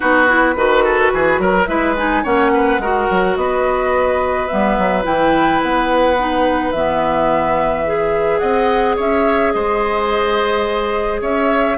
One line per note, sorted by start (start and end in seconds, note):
0.00 0.55 B3
0.00 0.26 D#4
0.00 0.54 F#4
0.00 1.66 B4
0.28 0.56 E4
0.55 1.11 D#3
0.55 1.67 F#4
0.55 0.84 B4
0.84 1.12 A4
1.13 1.38 E3
1.13 1.40 G#4
1.38 1.66 F#3
1.38 1.68 A#4
1.66 2.24 G#3
1.66 1.95 E4
1.66 2.23 B4
1.66 1.94 E5
1.96 2.24 D#4
1.96 2.24 G#5
2.23 2.78 A#3
2.23 2.80 C#4
2.23 2.51 C#5
2.23 3.36 F#5
2.53 2.81 B4
2.78 3.06 G#3
2.78 4.49 F#4
2.78 3.37 A#4
3.10 3.36 F#3
3.36 4.48 B3
3.36 8.40 B4
3.36 4.47 D#5
4.47 4.77 G3
4.47 5.03 B3
4.47 5.03 E5
4.77 5.05 F#3
5.03 5.62 E3
5.03 6.15 E4
5.03 5.61 G5
5.62 6.73 B3
5.62 6.71 F#5
6.18 6.74 D#4
6.71 8.41 E3
6.71 7.85 B3
6.71 8.39 E5
7.85 11.77 G#4
8.39 8.97 C4
8.39 8.96 D#5
8.39 8.95 F#5
8.96 9.54 C#4
8.96 9.52 C#5
8.96 9.52 E5
9.52 11.21 G#3
9.52 11.21 C5
9.52 11.20 D#5
11.21 11.77 C#4
11.21 11.77 C#5
11.21 11.77 E5